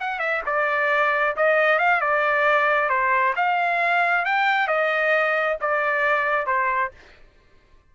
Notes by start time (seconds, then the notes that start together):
0.00 F#5
0.19 E5
0.46 D5
1.36 D#5
1.79 F5
2.01 D5
2.89 C5
3.36 F5
4.25 G5
4.67 D#5
5.61 D5
6.46 C5